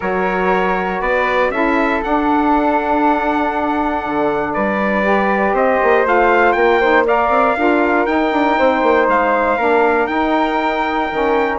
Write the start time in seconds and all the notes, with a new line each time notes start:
0.00 F#3 F#4 A#4 C#5
1.00 B3 B4 D5
1.50 C#4 E4 A4 E5
2.02 D4 F#5
4.05 D3
4.53 G3 B4 D5
5.04 G4
5.52 C4 C5 D#5
5.82 A#3
6.04 A3 F4 F5
6.52 A#3 A#4 G5
6.80 D#4 C5
7.06 A#4 D5 F5
7.28 C4
7.57 D4 F4 A#4
8.05 D#4 G5
8.31 D4
8.58 C4 C5
8.82 A#3
9.07 G#3 F5
9.57 A#3 D4 A#4
10.07 D#4 G5
11.11 D#3 C#4